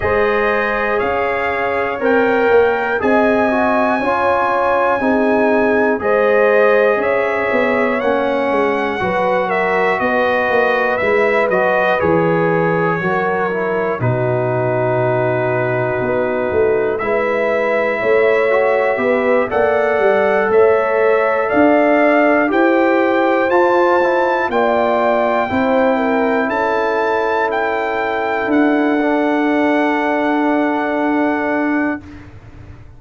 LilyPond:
<<
  \new Staff \with { instrumentName = "trumpet" } { \time 4/4 \tempo 4 = 60 dis''4 f''4 g''4 gis''4~ | gis''2 dis''4 e''4 | fis''4. e''8 dis''4 e''8 dis''8 | cis''2 b'2~ |
b'4 e''2~ e''8 fis''8~ | fis''8 e''4 f''4 g''4 a''8~ | a''8 g''2 a''4 g''8~ | g''8 fis''2.~ fis''8 | }
  \new Staff \with { instrumentName = "horn" } { \time 4/4 c''4 cis''2 dis''4 | cis''4 gis'4 c''4 cis''4~ | cis''4 b'8 ais'8 b'2~ | b'4 ais'4 fis'2~ |
fis'4 b'4 cis''4 b'8 d''8~ | d''8 cis''4 d''4 c''4.~ | c''8 d''4 c''8 ais'8 a'4.~ | a'1 | }
  \new Staff \with { instrumentName = "trombone" } { \time 4/4 gis'2 ais'4 gis'8 fis'8 | f'4 dis'4 gis'2 | cis'4 fis'2 e'8 fis'8 | gis'4 fis'8 e'8 dis'2~ |
dis'4 e'4. fis'8 g'8 a'8~ | a'2~ a'8 g'4 f'8 | e'8 f'4 e'2~ e'8~ | e'4 d'2. | }
  \new Staff \with { instrumentName = "tuba" } { \time 4/4 gis4 cis'4 c'8 ais8 c'4 | cis'4 c'4 gis4 cis'8 b8 | ais8 gis8 fis4 b8 ais8 gis8 fis8 | e4 fis4 b,2 |
b8 a8 gis4 a4 b8 ais8 | g8 a4 d'4 e'4 f'8~ | f'8 ais4 c'4 cis'4.~ | cis'8 d'2.~ d'8 | }
>>